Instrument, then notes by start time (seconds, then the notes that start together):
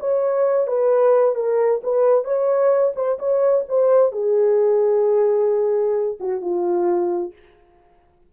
horn
0.00 C#5
0.67 B4
1.36 A#4
1.83 B4
2.25 C#5
2.96 C5
3.19 C#5
3.69 C5
4.12 G#4
6.20 F#4
6.41 F4